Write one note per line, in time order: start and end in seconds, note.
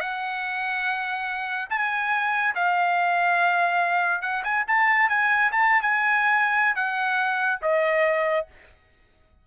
0.00 1.69 F#5
1.70 2.54 G#5
2.55 4.22 F5
4.22 4.43 F#5
4.44 4.65 G#5
4.67 5.09 A5
5.09 5.51 G#5
5.52 5.82 A5
5.82 6.75 G#5
6.75 7.60 F#5
7.62 8.46 D#5